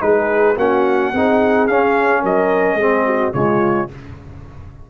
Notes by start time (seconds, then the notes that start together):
0.00 G#3 D#4 G#4 B4
0.57 A#3 C#4 F#4 F#5
1.13 C4 D#4 G#4
1.68 C#4 F5
2.22 F#3 A#4 D#5
2.75 G#3 C4 G#4
3.07 F#4
3.33 C#3 G#3 F4 C#5